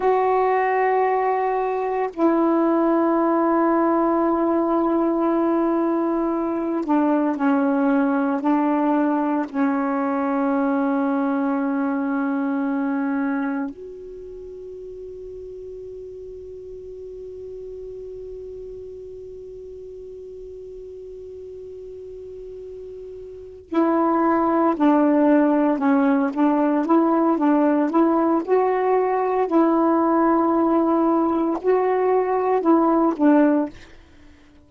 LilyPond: \new Staff \with { instrumentName = "saxophone" } { \time 4/4 \tempo 4 = 57 fis'2 e'2~ | e'2~ e'8 d'8 cis'4 | d'4 cis'2.~ | cis'4 fis'2.~ |
fis'1~ | fis'2~ fis'8 e'4 d'8~ | d'8 cis'8 d'8 e'8 d'8 e'8 fis'4 | e'2 fis'4 e'8 d'8 | }